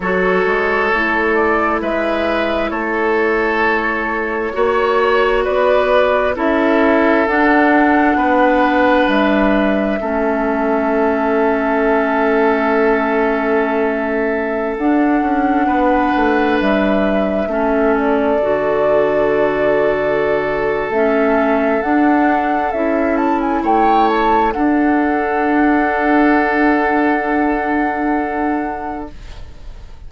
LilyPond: <<
  \new Staff \with { instrumentName = "flute" } { \time 4/4 \tempo 4 = 66 cis''4. d''8 e''4 cis''4~ | cis''2 d''4 e''4 | fis''2 e''2~ | e''1~ |
e''16 fis''2 e''4. d''16~ | d''2. e''4 | fis''4 e''8 a''16 gis''16 g''8 a''8 fis''4~ | fis''1 | }
  \new Staff \with { instrumentName = "oboe" } { \time 4/4 a'2 b'4 a'4~ | a'4 cis''4 b'4 a'4~ | a'4 b'2 a'4~ | a'1~ |
a'4~ a'16 b'2 a'8.~ | a'1~ | a'2 cis''4 a'4~ | a'1 | }
  \new Staff \with { instrumentName = "clarinet" } { \time 4/4 fis'4 e'2.~ | e'4 fis'2 e'4 | d'2. cis'4~ | cis'1~ |
cis'16 d'2. cis'8.~ | cis'16 fis'2~ fis'8. cis'4 | d'4 e'2 d'4~ | d'1 | }
  \new Staff \with { instrumentName = "bassoon" } { \time 4/4 fis8 gis8 a4 gis4 a4~ | a4 ais4 b4 cis'4 | d'4 b4 g4 a4~ | a1~ |
a16 d'8 cis'8 b8 a8 g4 a8.~ | a16 d2~ d8. a4 | d'4 cis'4 a4 d'4~ | d'1 | }
>>